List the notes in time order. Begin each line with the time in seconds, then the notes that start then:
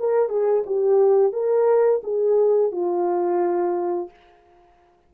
0.00 A#4
0.29 G#4
0.66 G4
1.33 A#4
2.04 G#4
2.72 F4